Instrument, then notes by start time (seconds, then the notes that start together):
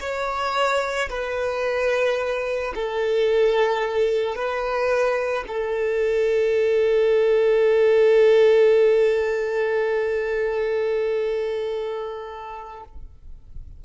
violin
0.00 C#5
1.10 B4
2.75 A4
4.35 B4
5.47 A4